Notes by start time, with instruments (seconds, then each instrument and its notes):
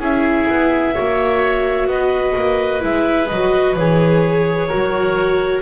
0.00 double bass C#4, viola E4, oboe G#4, clarinet E5
0.49 double bass B3
0.94 double bass A#3, viola F#4, oboe C#5
1.87 double bass B3, oboe B4, clarinet D#5
2.36 double bass A#3
2.80 double bass G#3, viola E4, clarinet E5
3.28 double bass F#3, viola F#4, clarinet D#5
3.76 double bass E3, viola G#4, clarinet C#5
4.68 viola F#4, oboe A#4
4.74 double bass F#3